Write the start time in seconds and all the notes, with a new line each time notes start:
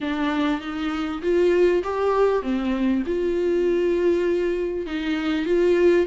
0.00 D4
0.61 D#4
1.22 F4
1.83 G4
2.42 C4
3.06 F4
4.86 D#4
5.45 F4